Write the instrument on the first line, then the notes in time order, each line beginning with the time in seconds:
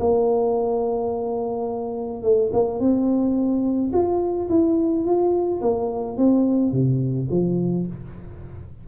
tuba
0.00 A#3
2.23 A3
2.53 A#3
2.80 C4
3.93 F4
4.50 E4
5.05 F4
5.62 A#3
6.18 C4
6.72 C3
7.31 F3